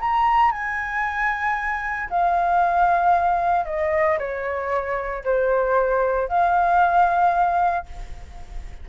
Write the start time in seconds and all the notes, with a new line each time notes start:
0.00 A#5
0.52 G#5
2.10 F5
3.66 D#5
4.19 C#5
5.25 C5
6.28 F5